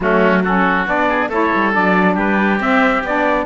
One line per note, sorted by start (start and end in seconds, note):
0.00 0.86 F#3
0.00 0.45 A3
0.00 0.42 C#4
0.00 0.44 F#4
0.42 0.86 C#4
0.42 1.08 F#4
0.42 0.88 A4
0.86 1.28 B3
0.86 1.30 D4
0.86 1.32 D5
1.08 1.29 G#4
1.28 1.50 A3
1.28 1.72 E4
1.28 2.14 A4
1.28 1.74 C#5
1.55 1.76 G3
1.72 2.16 F#3
1.72 2.59 D4
1.72 2.18 D5
2.14 2.60 G3
2.14 3.44 G4
2.14 2.61 B4
2.59 3.03 C4
2.59 3.04 E5
3.03 3.46 B3
3.03 3.46 D4
3.03 3.46 D5